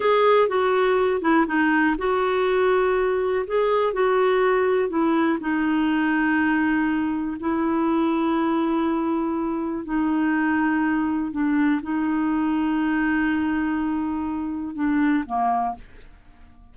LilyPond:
\new Staff \with { instrumentName = "clarinet" } { \time 4/4 \tempo 4 = 122 gis'4 fis'4. e'8 dis'4 | fis'2. gis'4 | fis'2 e'4 dis'4~ | dis'2. e'4~ |
e'1 | dis'2. d'4 | dis'1~ | dis'2 d'4 ais4 | }